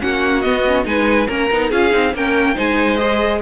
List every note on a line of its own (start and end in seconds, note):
0.00 0.45 A#3
0.00 0.43 C#4
0.00 0.87 F#4
0.00 0.41 F#5
0.41 0.65 B3
0.41 0.85 B3
0.41 0.84 D#5
0.67 0.84 C#4
0.84 1.28 G#3
0.84 1.26 D#4
0.84 1.28 B4
0.84 1.27 G#5
1.27 1.50 A#3
1.27 1.50 C#4
1.27 1.69 A#4
1.27 1.70 A#5
1.51 1.72 B3
1.51 1.72 D#4
1.69 1.93 C#4
1.69 1.90 F4
1.69 2.12 G#4
1.69 2.14 F5
1.90 2.13 C4
1.90 2.12 D#4
2.13 2.56 A#3
2.13 2.55 C#4
2.13 2.54 A#4
2.13 2.58 G5
2.54 3.41 G#3
2.54 2.97 D#4
2.54 3.39 C5
2.54 2.97 G#5
2.97 3.41 G#4
2.97 3.39 D#5